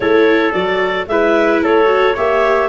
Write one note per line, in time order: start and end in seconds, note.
0.00 0.53 A3
0.00 0.53 E4
0.00 1.08 A4
0.00 0.52 C#5
0.52 1.07 F#3
0.52 1.07 F#4
0.52 1.06 D5
1.07 1.61 G#3
1.07 1.85 E4
1.07 1.63 B4
1.07 1.61 E5
1.62 2.16 A3
1.62 2.14 A4
1.62 2.16 C#5
1.85 2.12 F#4
2.14 2.69 A#3
2.14 2.69 G4
2.14 2.68 C#5
2.14 2.69 E5